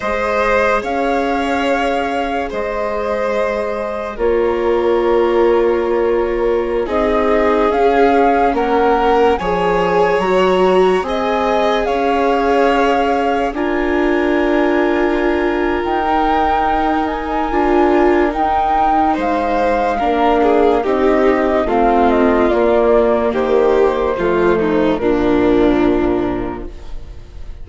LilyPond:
<<
  \new Staff \with { instrumentName = "flute" } { \time 4/4 \tempo 4 = 72 dis''4 f''2 dis''4~ | dis''4 cis''2.~ | cis''16 dis''4 f''4 fis''4 gis''8.~ | gis''16 ais''4 gis''4 f''4.~ f''16~ |
f''16 gis''2~ gis''8. g''4~ | g''8 gis''4. g''4 f''4~ | f''4 dis''4 f''8 dis''8 d''4 | c''2 ais'2 | }
  \new Staff \with { instrumentName = "violin" } { \time 4/4 c''4 cis''2 c''4~ | c''4 ais'2.~ | ais'16 gis'2 ais'4 cis''8.~ | cis''4~ cis''16 dis''4 cis''4.~ cis''16~ |
cis''16 ais'2.~ ais'8.~ | ais'2. c''4 | ais'8 gis'8 g'4 f'2 | g'4 f'8 dis'8 d'2 | }
  \new Staff \with { instrumentName = "viola" } { \time 4/4 gis'1~ | gis'4 f'2.~ | f'16 dis'4 cis'2 gis'8.~ | gis'16 fis'4 gis'2~ gis'8.~ |
gis'16 f'2. dis'8.~ | dis'4 f'4 dis'2 | d'4 dis'4 c'4 ais4~ | ais4 a4 f2 | }
  \new Staff \with { instrumentName = "bassoon" } { \time 4/4 gis4 cis'2 gis4~ | gis4 ais2.~ | ais16 c'4 cis'4 ais4 f8.~ | f16 fis4 c'4 cis'4.~ cis'16~ |
cis'16 d'2~ d'8. dis'4~ | dis'4 d'4 dis'4 gis4 | ais4 c'4 a4 ais4 | dis4 f4 ais,2 | }
>>